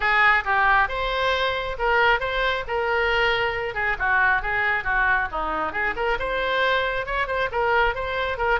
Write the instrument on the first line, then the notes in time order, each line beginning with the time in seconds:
oboe
0.00 G#4
0.44 G4
0.88 C5
1.78 A#4
2.19 C5
2.67 A#4
3.74 G#4
3.98 F#4
4.42 G#4
4.84 F#4
5.31 D#4
5.72 G#4
5.96 A#4
6.19 C5
7.06 C#5
7.27 C5
7.51 A#4
7.95 C5
8.37 A#4